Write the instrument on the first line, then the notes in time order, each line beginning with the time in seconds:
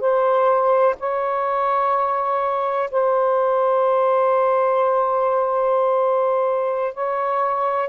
saxophone
0.00 C5
0.99 C#5
2.90 C5
6.94 C#5